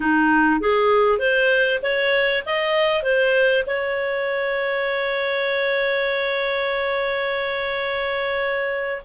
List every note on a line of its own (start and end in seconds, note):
0.00 0.60 D#4
0.60 1.18 G#4
1.18 1.79 C5
1.82 2.43 C#5
2.45 3.03 D#5
3.03 3.64 C5
3.66 9.02 C#5